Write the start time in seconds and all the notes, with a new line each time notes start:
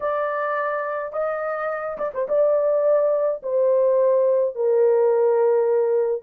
0.00 D5
1.12 D#5
1.98 D5
2.14 C5
2.28 D5
3.42 C5
4.55 A#4